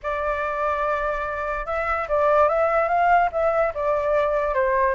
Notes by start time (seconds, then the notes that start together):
0.02 D5
1.66 E5
2.08 D5
2.48 E5
2.88 F5
3.31 E5
3.74 D5
4.54 C5